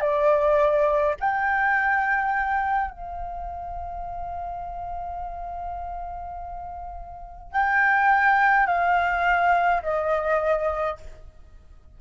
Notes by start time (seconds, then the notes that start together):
0.00 D5
1.20 G5
2.91 F5
7.52 G5
8.66 F5
9.82 D#5